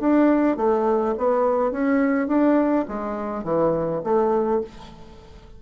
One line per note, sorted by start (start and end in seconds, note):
0.00 0.57 D4
0.57 1.15 A3
1.17 1.72 B3
1.72 2.27 C#4
2.27 2.85 D4
2.88 3.44 G#3
3.44 4.01 E3
4.03 4.61 A3